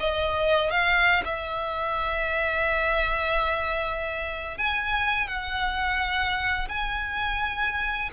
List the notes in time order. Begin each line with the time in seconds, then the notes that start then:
0.00 D#5
0.71 F5
1.24 E5
4.58 G#5
5.27 F#5
6.69 G#5